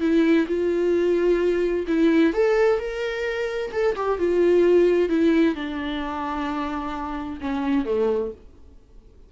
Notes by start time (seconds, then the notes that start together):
0.00 E4
0.47 F4
1.87 E4
2.33 A4
2.79 A#4
3.72 A4
3.96 G4
4.19 F4
5.09 E4
5.55 D4
7.40 C#4
7.85 A3